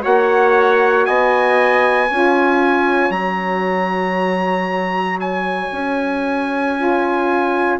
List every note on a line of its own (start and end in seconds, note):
0.00 1.08 A#3
0.00 2.07 F#4
0.00 1.06 C#5
0.00 1.05 F#5
1.05 2.10 B3
1.05 2.07 D#5
1.05 3.11 G#5
2.07 3.09 C#4
2.07 3.13 F4
2.07 7.76 C#5
3.09 5.68 F#3
3.09 6.75 F#4
3.09 5.18 A#5
5.20 7.79 G#5
5.72 7.79 C#4
6.76 7.79 F4